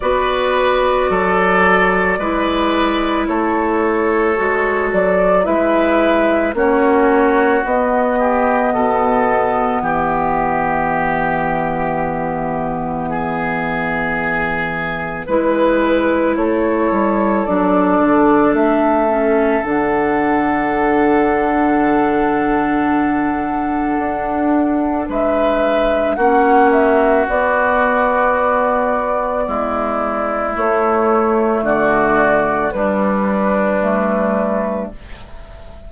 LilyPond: <<
  \new Staff \with { instrumentName = "flute" } { \time 4/4 \tempo 4 = 55 d''2. cis''4~ | cis''8 d''8 e''4 cis''4 dis''4~ | dis''4 e''2.~ | e''2 b'4 cis''4 |
d''4 e''4 fis''2~ | fis''2. e''4 | fis''8 e''8 d''2. | cis''4 d''4 b'2 | }
  \new Staff \with { instrumentName = "oboe" } { \time 4/4 b'4 a'4 b'4 a'4~ | a'4 b'4 fis'4. g'8 | a'4 g'2. | gis'2 b'4 a'4~ |
a'1~ | a'2. b'4 | fis'2. e'4~ | e'4 fis'4 d'2 | }
  \new Staff \with { instrumentName = "clarinet" } { \time 4/4 fis'2 e'2 | fis'4 e'4 cis'4 b4~ | b1~ | b2 e'2 |
d'4. cis'8 d'2~ | d'1 | cis'4 b2. | a2 g4 a4 | }
  \new Staff \with { instrumentName = "bassoon" } { \time 4/4 b4 fis4 gis4 a4 | gis8 fis8 gis4 ais4 b4 | b,4 e2.~ | e2 gis4 a8 g8 |
fis8 d8 a4 d2~ | d2 d'4 gis4 | ais4 b2 gis4 | a4 d4 g2 | }
>>